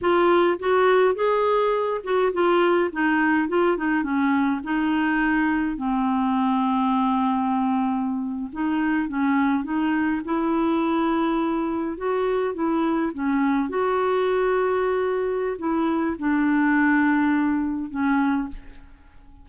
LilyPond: \new Staff \with { instrumentName = "clarinet" } { \time 4/4 \tempo 4 = 104 f'4 fis'4 gis'4. fis'8 | f'4 dis'4 f'8 dis'8 cis'4 | dis'2 c'2~ | c'2~ c'8. dis'4 cis'16~ |
cis'8. dis'4 e'2~ e'16~ | e'8. fis'4 e'4 cis'4 fis'16~ | fis'2. e'4 | d'2. cis'4 | }